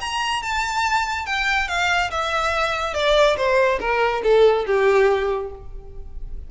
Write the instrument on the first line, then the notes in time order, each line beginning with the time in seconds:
violin
0.00 A#5
0.42 A5
1.25 G5
1.68 F5
2.10 E5
2.94 D5
3.36 C5
3.80 A#4
4.23 A4
4.66 G4